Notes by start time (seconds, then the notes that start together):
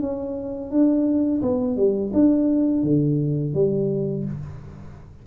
0.00 C#4
0.71 D4
1.41 B3
1.76 G3
2.13 D4
2.83 D3
3.53 G3